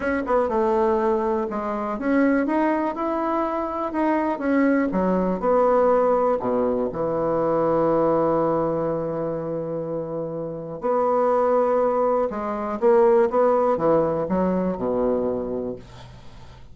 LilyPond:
\new Staff \with { instrumentName = "bassoon" } { \time 4/4 \tempo 4 = 122 cis'8 b8 a2 gis4 | cis'4 dis'4 e'2 | dis'4 cis'4 fis4 b4~ | b4 b,4 e2~ |
e1~ | e2 b2~ | b4 gis4 ais4 b4 | e4 fis4 b,2 | }